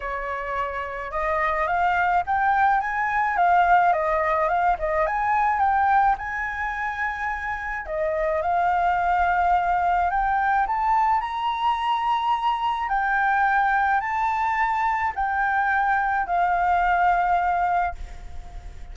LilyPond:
\new Staff \with { instrumentName = "flute" } { \time 4/4 \tempo 4 = 107 cis''2 dis''4 f''4 | g''4 gis''4 f''4 dis''4 | f''8 dis''8 gis''4 g''4 gis''4~ | gis''2 dis''4 f''4~ |
f''2 g''4 a''4 | ais''2. g''4~ | g''4 a''2 g''4~ | g''4 f''2. | }